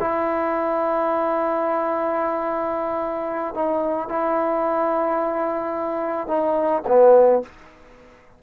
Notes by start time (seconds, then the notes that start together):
0.00 E4
3.54 D#4
4.09 E4
6.28 D#4
6.88 B3